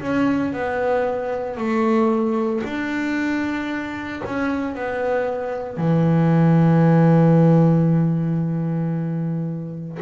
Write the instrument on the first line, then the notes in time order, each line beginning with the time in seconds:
double bass
0.00 C#4
0.53 B3
1.57 A3
2.64 D4
4.25 C#4
4.75 B3
5.77 E3